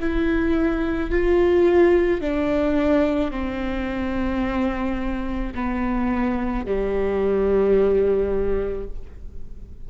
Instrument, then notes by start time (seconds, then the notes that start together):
viola
0.00 E4
1.11 F4
2.22 D4
3.31 C4
5.55 B3
6.66 G3